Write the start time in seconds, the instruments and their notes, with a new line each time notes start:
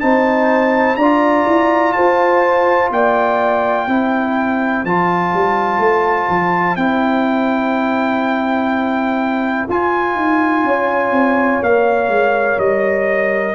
0.00 tuba C4, trombone D#4, horn C5, trumpet A5
0.96 tuba D4, trombone F4, horn D5, trumpet A#5
1.47 tuba E4
1.93 tuba F4, horn C5, trumpet A5
2.91 tuba A#3, horn D5, trumpet G5
3.87 tuba C4, trombone E4, horn C5
4.84 tuba F3, trombone F4, trumpet A5
5.34 tuba G3
5.78 tuba A3
6.29 tuba F3
6.76 tuba C4, trombone E4, trumpet G5
9.68 tuba F4, trombone F4, trumpet G#5
10.15 tuba D#4
10.64 tuba C#4, horn C#5
11.11 tuba C4
11.62 tuba A#3, trombone A#4, trumpet F5
12.09 tuba G#3
12.58 tuba G3, trumpet D#5